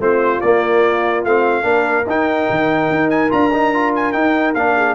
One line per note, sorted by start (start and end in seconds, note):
0.00 0.41 A3
0.00 0.42 C4
0.00 1.65 F4
0.00 0.41 C5
0.41 1.25 A#3
0.41 1.26 A#3
0.41 1.24 D5
1.25 1.64 A3
1.25 1.63 C4
1.25 2.08 F5
1.63 2.05 A#3
1.63 2.04 D4
1.63 4.75 A#4
2.06 2.48 D#4
2.06 3.30 D#4
2.06 3.10 G5
2.50 2.90 D#3
2.90 3.32 D#4
3.10 3.31 G#5
3.30 4.14 D4
3.30 3.51 F4
3.30 3.94 A#5
3.54 3.74 D#4
3.74 4.13 F4
3.95 4.12 G#5
4.12 4.55 D#4
4.12 4.56 D#4
4.12 4.54 G5
4.55 4.95 A#3
4.55 4.95 D4
4.55 4.95 F5
4.76 4.95 G#4